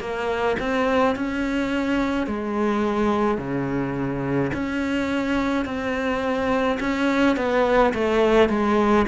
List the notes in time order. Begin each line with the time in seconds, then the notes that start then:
0.00 A#3
0.60 C4
1.16 C#4
2.27 G#3
3.38 C#3
4.54 C#4
5.65 C4
6.80 C#4
7.37 B3
7.94 A3
8.49 G#3